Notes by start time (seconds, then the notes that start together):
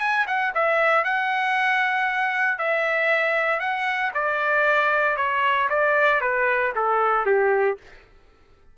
0.00 G#5
0.27 F#5
0.55 E5
1.04 F#5
2.59 E5
3.60 F#5
4.14 D5
5.17 C#5
5.69 D5
6.21 B4
6.75 A4
7.26 G4